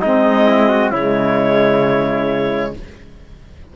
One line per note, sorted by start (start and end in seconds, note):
0.00 0.92 G#3
0.00 0.95 C4
0.00 0.47 D#4
0.00 0.91 D#5
0.47 0.69 E4
0.69 0.91 F#4
0.91 2.74 C#3
0.91 2.76 G#3
0.91 2.73 E4
0.91 2.74 C#5